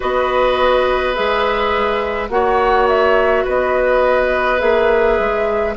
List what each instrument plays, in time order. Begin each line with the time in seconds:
0.00 bassoon B3, clarinet F#4, oboe B4, flute D#5
1.14 bassoon G#3, clarinet G#4, flute E5
2.29 bassoon A#3, clarinet F#4, oboe C#5, flute F#5
2.87 flute E5
3.44 bassoon B3, oboe B4, flute D#5
4.58 bassoon A#3, clarinet G#4, flute E5
5.19 bassoon G#3